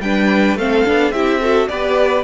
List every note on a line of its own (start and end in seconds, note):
0.00 0.55 G3
0.00 0.58 D4
0.00 0.58 B4
0.00 0.57 G5
0.55 0.83 A3
0.55 0.85 C4
0.55 1.13 A4
0.55 1.11 F5
0.85 1.11 B3
0.85 1.13 D4
1.11 1.67 C4
1.11 1.41 E4
1.11 1.40 G4
1.11 1.67 E5
1.40 1.69 F#4
1.40 1.68 A4
1.67 2.24 B3
1.67 2.24 G4
1.67 2.24 B4
1.67 2.23 D5